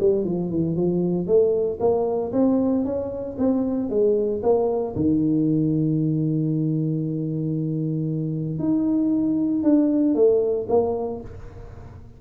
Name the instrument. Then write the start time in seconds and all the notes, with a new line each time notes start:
tuba
0.00 G3
0.24 F3
0.50 E3
0.76 F3
1.27 A3
1.80 A#3
2.32 C4
2.85 C#4
3.38 C4
3.90 G#3
4.43 A#3
4.96 D#3
8.59 D#4
9.63 D4
10.15 A3
10.69 A#3